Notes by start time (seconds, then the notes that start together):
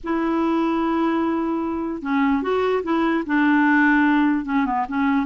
0.03 E4
2.02 C#4
2.42 F#4
2.83 E4
3.26 D4
4.45 C#4
4.65 B3
4.88 C#4